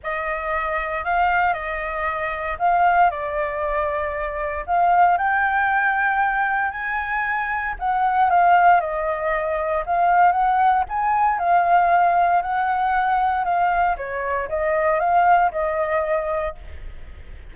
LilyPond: \new Staff \with { instrumentName = "flute" } { \time 4/4 \tempo 4 = 116 dis''2 f''4 dis''4~ | dis''4 f''4 d''2~ | d''4 f''4 g''2~ | g''4 gis''2 fis''4 |
f''4 dis''2 f''4 | fis''4 gis''4 f''2 | fis''2 f''4 cis''4 | dis''4 f''4 dis''2 | }